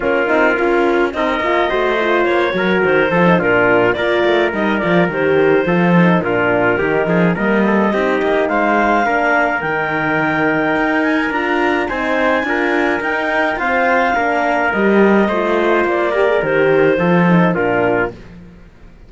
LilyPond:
<<
  \new Staff \with { instrumentName = "clarinet" } { \time 4/4 \tempo 4 = 106 ais'2 dis''2 | cis''4 c''4 ais'4 d''4 | dis''8 d''8 c''2 ais'4~ | ais'4 dis''2 f''4~ |
f''4 g''2~ g''8 gis''8 | ais''4 gis''2 g''4 | f''2 dis''2 | d''4 c''2 ais'4 | }
  \new Staff \with { instrumentName = "trumpet" } { \time 4/4 f'2 ais'4 c''4~ | c''8 ais'4 a'8 f'4 ais'4~ | ais'2 a'4 f'4 | g'8 gis'8 ais'8 a'8 g'4 c''4 |
ais'1~ | ais'4 c''4 ais'2 | c''4 ais'2 c''4~ | c''8 ais'4. a'4 f'4 | }
  \new Staff \with { instrumentName = "horn" } { \time 4/4 cis'8 dis'8 f'4 dis'8 f'8 fis'8 f'8~ | f'8 fis'4 f'16 dis'16 d'4 f'4 | dis'8 f'8 g'4 f'8 dis'8 d'4 | dis'4 ais4 dis'2 |
d'4 dis'2. | f'4 dis'4 f'4 dis'4 | c'4 d'4 g'4 f'4~ | f'8 g'16 gis'16 g'4 f'8 dis'8 d'4 | }
  \new Staff \with { instrumentName = "cello" } { \time 4/4 ais8 c'8 cis'4 c'8 ais8 a4 | ais8 fis8 dis8 f8 ais,4 ais8 a8 | g8 f8 dis4 f4 ais,4 | dis8 f8 g4 c'8 ais8 gis4 |
ais4 dis2 dis'4 | d'4 c'4 d'4 dis'4 | f'4 ais4 g4 a4 | ais4 dis4 f4 ais,4 | }
>>